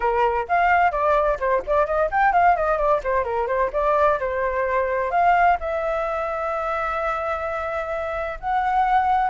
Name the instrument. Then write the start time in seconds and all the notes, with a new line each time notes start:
flute
0.00 A#4
0.48 F5
0.91 D5
1.39 C5
1.67 D5
1.86 D#5
2.11 G5
2.33 F5
2.56 D#5
2.77 D5
3.03 C5
3.24 A#4
3.47 C5
3.72 D5
4.19 C5
5.10 F5
5.59 E5
8.40 F#5